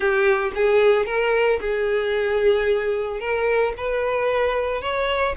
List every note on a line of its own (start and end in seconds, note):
0.00 0.51 G4
0.54 1.05 G#4
1.05 1.59 A#4
1.60 3.19 G#4
3.19 3.73 A#4
3.77 4.81 B4
4.81 5.35 C#5